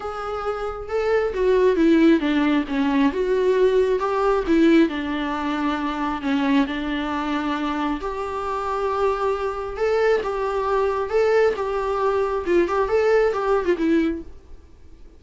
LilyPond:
\new Staff \with { instrumentName = "viola" } { \time 4/4 \tempo 4 = 135 gis'2 a'4 fis'4 | e'4 d'4 cis'4 fis'4~ | fis'4 g'4 e'4 d'4~ | d'2 cis'4 d'4~ |
d'2 g'2~ | g'2 a'4 g'4~ | g'4 a'4 g'2 | f'8 g'8 a'4 g'8. f'16 e'4 | }